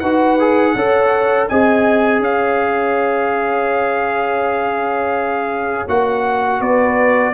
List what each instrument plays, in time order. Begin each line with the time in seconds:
0.00 tuba D#4, trombone F#4, horn B4, trumpet F#5
0.40 trombone G#4
0.76 tuba C#4, trombone A4, horn C#5
1.49 tuba C4, trombone G#4, horn D#5, trumpet G#5
2.20 tuba C#4, horn C#5, trumpet F5
5.88 tuba A#3, trombone F#4, trumpet F#5
6.61 tuba B3, horn B4, trumpet D5